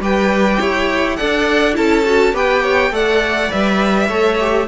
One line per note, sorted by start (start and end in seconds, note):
0.00 0.58 G3
0.00 1.17 G4
0.00 0.59 B4
0.00 1.16 G5
0.59 1.19 E4
0.59 1.17 C#5
1.16 1.77 D4
1.16 1.73 A4
1.16 1.76 D5
1.16 1.74 F#5
1.73 2.33 C#4
1.73 2.03 E4
1.73 2.34 A4
1.73 2.35 A5
2.05 2.33 F#4
2.33 2.91 B3
2.33 2.91 G4
2.33 2.63 B4
2.33 2.94 G5
2.63 2.92 C#5
2.91 3.49 A3
2.91 3.50 A4
2.91 4.07 D5
2.91 3.52 F#5
3.50 4.09 G3
3.50 4.08 B4
3.50 4.68 E5
4.07 4.67 A3
4.07 4.39 A4
4.07 4.66 C#5
4.40 4.68 G4